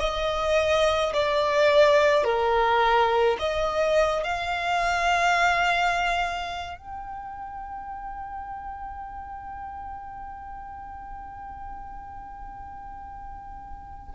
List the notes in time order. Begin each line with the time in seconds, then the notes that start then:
0.00 D#5
1.14 D5
2.24 A#4
3.40 D#5
4.24 F5
6.79 G5